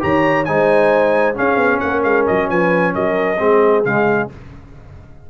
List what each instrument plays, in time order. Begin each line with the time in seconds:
0.00 tuba D#3, trombone G4, horn C#5, trumpet A#5
0.45 tuba G#3, trombone D#4, horn C5, trumpet G#5
1.35 trombone C#4, tuba C#4, horn G#4, trumpet F5
1.57 tuba B3
1.80 tuba A#3, horn A#4, trumpet F#5
2.04 tuba G#3, trumpet F5
2.27 tuba F#3, trumpet D#5
2.50 tuba F3, horn B4, trumpet G#5
2.95 tuba F#3, horn A#4, trumpet D#5
3.39 tuba G#3, trombone C4, horn G#4
3.85 tuba C#3, trombone G#3, trumpet F5